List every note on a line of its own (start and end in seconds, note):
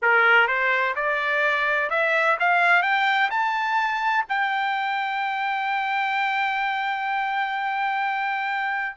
0.02 0.47 A#4
0.47 0.94 C5
0.95 1.90 D5
1.90 2.37 E5
2.39 2.82 F5
2.82 3.29 G5
3.30 4.25 A5
4.28 8.96 G5